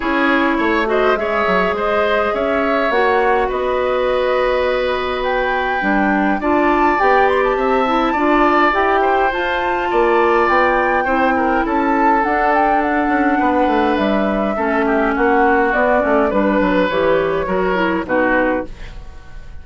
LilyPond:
<<
  \new Staff \with { instrumentName = "flute" } { \time 4/4 \tempo 4 = 103 cis''4. dis''8 e''4 dis''4 | e''4 fis''4 dis''2~ | dis''4 g''2 a''4 | g''8 c'''16 a''2~ a''16 g''4 |
a''2 g''2 | a''4 fis''8 g''8 fis''2 | e''2 fis''4 d''4 | b'4 cis''2 b'4 | }
  \new Staff \with { instrumentName = "oboe" } { \time 4/4 gis'4 cis''8 c''8 cis''4 c''4 | cis''2 b'2~ | b'2. d''4~ | d''4 e''4 d''4. c''8~ |
c''4 d''2 c''8 ais'8 | a'2. b'4~ | b'4 a'8 g'8 fis'2 | b'2 ais'4 fis'4 | }
  \new Staff \with { instrumentName = "clarinet" } { \time 4/4 e'4. fis'8 gis'2~ | gis'4 fis'2.~ | fis'2 d'4 f'4 | g'4. e'8 f'4 g'4 |
f'2. e'4~ | e'4 d'2.~ | d'4 cis'2 b8 cis'8 | d'4 g'4 fis'8 e'8 dis'4 | }
  \new Staff \with { instrumentName = "bassoon" } { \time 4/4 cis'4 a4 gis8 fis8 gis4 | cis'4 ais4 b2~ | b2 g4 d'4 | b4 c'4 d'4 e'4 |
f'4 ais4 b4 c'4 | cis'4 d'4. cis'8 b8 a8 | g4 a4 ais4 b8 a8 | g8 fis8 e4 fis4 b,4 | }
>>